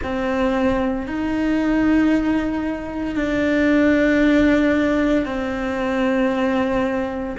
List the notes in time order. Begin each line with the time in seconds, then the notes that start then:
0.03 C4
1.07 D#4
3.15 D4
5.25 C4